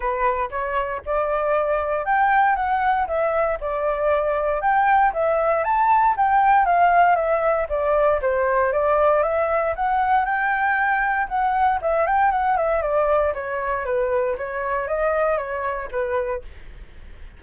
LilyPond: \new Staff \with { instrumentName = "flute" } { \time 4/4 \tempo 4 = 117 b'4 cis''4 d''2 | g''4 fis''4 e''4 d''4~ | d''4 g''4 e''4 a''4 | g''4 f''4 e''4 d''4 |
c''4 d''4 e''4 fis''4 | g''2 fis''4 e''8 g''8 | fis''8 e''8 d''4 cis''4 b'4 | cis''4 dis''4 cis''4 b'4 | }